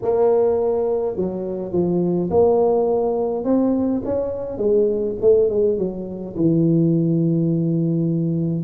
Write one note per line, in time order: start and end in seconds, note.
0.02 1.16 A#3
1.16 1.72 F#3
1.72 2.29 F3
2.30 3.44 A#3
3.44 4.02 C4
4.04 4.57 C#4
4.57 5.15 G#3
5.21 5.49 A3
5.49 5.78 G#3
5.78 6.35 F#3
6.36 8.64 E3